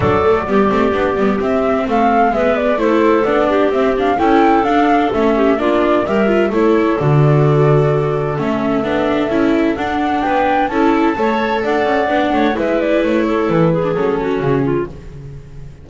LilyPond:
<<
  \new Staff \with { instrumentName = "flute" } { \time 4/4 \tempo 4 = 129 d''2. e''4 | f''4 e''8 d''8 c''4 d''4 | e''8 f''8 g''4 f''4 e''4 | d''4 e''4 cis''4 d''4~ |
d''2 e''2~ | e''4 fis''4 g''4 a''4~ | a''4 fis''2 e''8 d''8 | cis''4 b'4 a'4 gis'4 | }
  \new Staff \with { instrumentName = "clarinet" } { \time 4/4 a'4 g'2. | a'4 b'4 a'4. g'8~ | g'4 a'2~ a'8 g'8 | f'4 ais'4 a'2~ |
a'1~ | a'2 b'4 a'4 | cis''4 d''4. cis''8 b'4~ | b'8 a'4 gis'4 fis'4 f'8 | }
  \new Staff \with { instrumentName = "viola" } { \time 4/4 d'8 a8 b8 c'8 d'8 b8 c'4~ | c'4 b4 e'4 d'4 | c'8 d'8 e'4 d'4 cis'4 | d'4 g'8 f'8 e'4 fis'4~ |
fis'2 cis'4 d'4 | e'4 d'2 e'4 | a'2 d'4 e'4~ | e'4.~ e'16 d'16 cis'2 | }
  \new Staff \with { instrumentName = "double bass" } { \time 4/4 fis4 g8 a8 b8 g8 c'4 | a4 gis4 a4 b4 | c'4 cis'4 d'4 a4 | ais4 g4 a4 d4~ |
d2 a4 b4 | cis'4 d'4 b4 cis'4 | a4 d'8 cis'8 b8 a8 gis4 | a4 e4 fis4 cis4 | }
>>